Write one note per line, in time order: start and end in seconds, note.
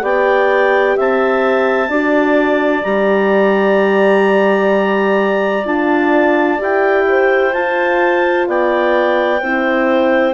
0.00 0.96 B3
0.00 1.88 G4
0.00 0.95 D5
0.00 0.97 G5
0.96 1.89 C4
0.96 1.89 E5
0.96 2.84 A5
1.89 2.82 D4
1.89 2.83 F#4
1.89 7.04 D5
2.83 5.64 G3
2.83 5.64 G4
2.83 5.65 A#5
5.64 6.58 D4
5.64 6.58 F4
5.64 6.60 A5
6.58 7.54 E4
6.58 7.51 G4
6.58 7.53 G5
7.08 8.48 C5
7.53 9.41 F4
7.53 8.47 F4
7.53 8.46 A5
8.47 9.41 B3
8.47 9.40 D5
8.47 10.34 G5
9.40 10.34 C4
9.40 10.34 E4
9.40 10.34 C5